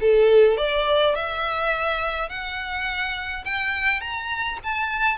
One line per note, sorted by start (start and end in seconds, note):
0.00 0.57 A4
0.57 1.15 D5
1.15 2.29 E5
2.29 3.44 F#5
3.45 4.01 G5
4.01 4.58 A#5
4.63 5.17 A5